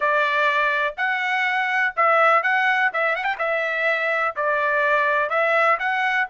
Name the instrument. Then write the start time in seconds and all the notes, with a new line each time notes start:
trumpet
0.00 D5
0.97 F#5
1.96 E5
2.42 F#5
2.93 E5
3.15 F#5
3.24 G5
3.38 E5
4.36 D5
5.29 E5
5.79 F#5